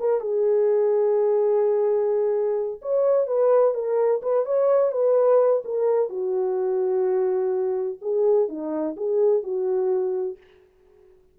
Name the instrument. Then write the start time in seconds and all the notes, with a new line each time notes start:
horn
0.00 A#4
0.21 G#4
2.82 C#5
3.27 B4
3.74 A#4
4.22 B4
4.46 C#5
4.92 B4
5.65 A#4
6.09 F#4
8.01 G#4
8.48 D#4
8.97 G#4
9.43 F#4